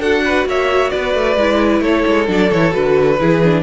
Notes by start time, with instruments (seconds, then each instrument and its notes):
0.00 cello D4, viola F#4, violin A4 F#5
0.25 violin B4
0.46 cello A#3, violin C#5 E5
0.90 cello B3, violin B4 D5
1.15 cello A3
1.36 cello G#3, viola E4
1.81 cello A3, violin A4 C#5
2.07 cello G#3
2.27 cello F#3, viola D4, violin D5
2.52 cello E3, viola E4, violin C#5
2.71 cello D3, viola F#4, violin B4
3.19 cello E3, viola E4, violin G#4
3.43 viola D4